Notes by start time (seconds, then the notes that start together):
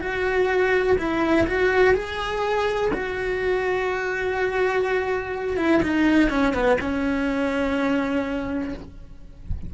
0.00 F#4
0.98 E4
1.47 F#4
1.94 G#4
2.93 F#4
5.57 E4
5.82 D#4
6.29 C#4
6.53 B3
6.80 C#4